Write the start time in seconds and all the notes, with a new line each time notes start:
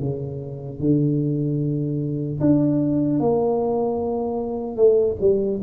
0.00 C#3
0.80 D3
2.41 D4
3.20 A#3
4.77 A3
5.21 G3